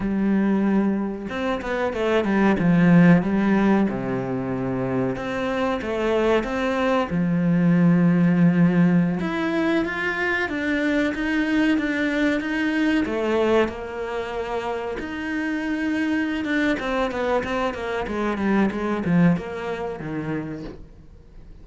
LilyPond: \new Staff \with { instrumentName = "cello" } { \time 4/4 \tempo 4 = 93 g2 c'8 b8 a8 g8 | f4 g4 c2 | c'4 a4 c'4 f4~ | f2~ f16 e'4 f'8.~ |
f'16 d'4 dis'4 d'4 dis'8.~ | dis'16 a4 ais2 dis'8.~ | dis'4. d'8 c'8 b8 c'8 ais8 | gis8 g8 gis8 f8 ais4 dis4 | }